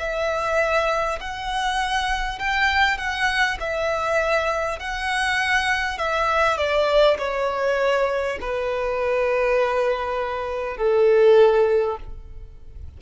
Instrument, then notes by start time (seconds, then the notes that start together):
violin
0.00 E5
1.21 F#5
2.39 G5
2.98 F#5
3.61 E5
4.79 F#5
5.98 E5
6.58 D5
7.19 C#5
8.41 B4
10.78 A4